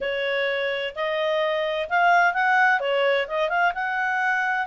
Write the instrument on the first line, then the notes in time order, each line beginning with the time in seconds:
clarinet
0.00 C#5
0.95 D#5
1.89 F5
2.33 F#5
2.80 C#5
3.27 D#5
3.49 F5
3.74 F#5